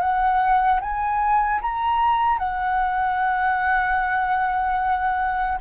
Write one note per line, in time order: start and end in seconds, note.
0.00 0.80 F#5
0.81 1.61 G#5
1.62 2.39 A#5
2.39 5.59 F#5